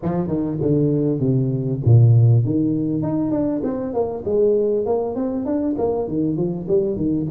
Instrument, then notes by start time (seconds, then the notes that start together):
tuba
0.02 F3
0.27 D#3
0.61 D3
1.19 C3
1.84 A#2
2.44 D#3
3.02 D#4
3.31 D4
3.63 C4
3.93 A#3
4.25 G#3
4.85 A#3
5.15 C4
5.45 D4
5.78 A#3
6.07 D#3
6.36 F3
6.67 G3
6.96 D#3